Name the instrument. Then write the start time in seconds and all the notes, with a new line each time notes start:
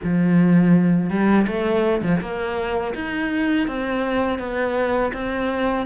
cello
0.03 F3
1.10 G3
1.47 A3
2.02 F3
2.20 A#3
2.94 D#4
3.68 C4
4.38 B3
5.13 C4